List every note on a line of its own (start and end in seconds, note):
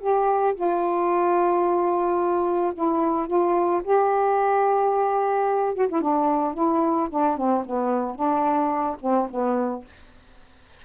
0.00 0.55 G4
0.55 2.73 F4
2.74 3.27 E4
3.27 3.82 F4
3.84 5.74 G4
5.74 5.88 F#4
5.89 6.01 E4
6.01 6.54 D4
6.54 7.09 E4
7.10 7.37 D4
7.37 7.64 C4
7.66 8.15 B3
8.15 8.97 D4
9.01 9.28 C4
9.30 9.85 B3